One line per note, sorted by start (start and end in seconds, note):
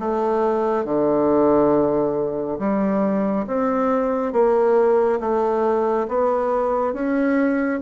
0.00 0.85 A3
0.85 2.59 D3
2.59 3.46 G3
3.48 4.33 C4
4.33 5.20 A#3
5.21 6.08 A3
6.09 6.94 B3
6.94 7.81 C#4